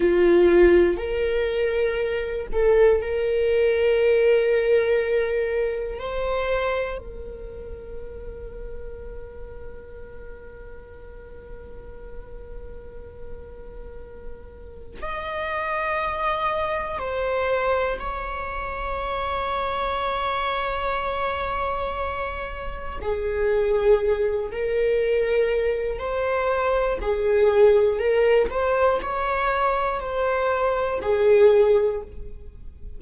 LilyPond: \new Staff \with { instrumentName = "viola" } { \time 4/4 \tempo 4 = 60 f'4 ais'4. a'8 ais'4~ | ais'2 c''4 ais'4~ | ais'1~ | ais'2. dis''4~ |
dis''4 c''4 cis''2~ | cis''2. gis'4~ | gis'8 ais'4. c''4 gis'4 | ais'8 c''8 cis''4 c''4 gis'4 | }